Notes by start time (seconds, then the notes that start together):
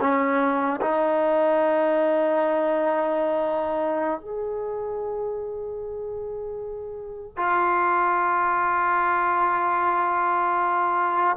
0.00 C#4
0.81 D#4
4.20 G#4
7.37 F4